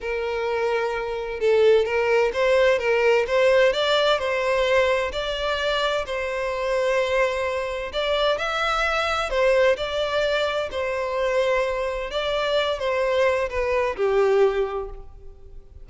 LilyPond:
\new Staff \with { instrumentName = "violin" } { \time 4/4 \tempo 4 = 129 ais'2. a'4 | ais'4 c''4 ais'4 c''4 | d''4 c''2 d''4~ | d''4 c''2.~ |
c''4 d''4 e''2 | c''4 d''2 c''4~ | c''2 d''4. c''8~ | c''4 b'4 g'2 | }